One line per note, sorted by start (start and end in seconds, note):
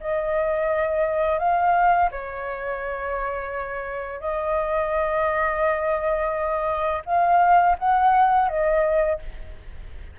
0.00 1.39 D#5
1.39 2.09 F5
2.11 4.20 C#5
4.20 7.02 D#5
7.06 7.76 F5
7.78 8.48 F#5
8.48 9.19 D#5